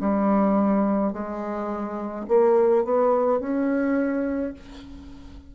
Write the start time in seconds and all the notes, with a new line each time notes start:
0.00 G3
1.13 G#3
2.27 A#3
2.84 B3
3.40 C#4